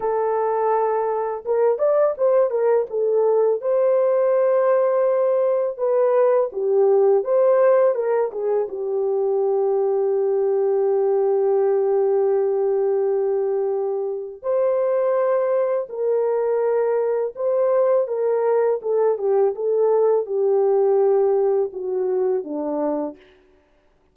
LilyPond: \new Staff \with { instrumentName = "horn" } { \time 4/4 \tempo 4 = 83 a'2 ais'8 d''8 c''8 ais'8 | a'4 c''2. | b'4 g'4 c''4 ais'8 gis'8 | g'1~ |
g'1 | c''2 ais'2 | c''4 ais'4 a'8 g'8 a'4 | g'2 fis'4 d'4 | }